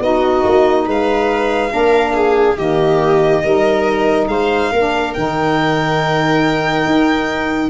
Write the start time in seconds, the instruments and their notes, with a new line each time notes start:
0.00 tuba B3, saxophone D#4, viola F#4, violin D#5
0.44 tuba A#3
0.86 tuba G#3, viola B4, violin F5
1.70 tuba A#3, saxophone D4, viola A#4
2.14 viola G#4
2.57 tuba D#3, saxophone A#3, viola G4, violin D#5
3.44 tuba G3, saxophone D#4, viola A#4
4.28 tuba G#3, viola C5, violin F5
4.72 tuba A#3, saxophone D4, viola A#4
5.14 tuba D#3, saxophone D#4, violin G5
6.86 tuba D#4